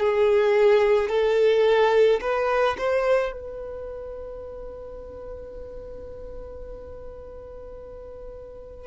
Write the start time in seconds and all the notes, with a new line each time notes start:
0.00 G#4
1.09 A4
2.21 B4
2.78 C5
3.32 B4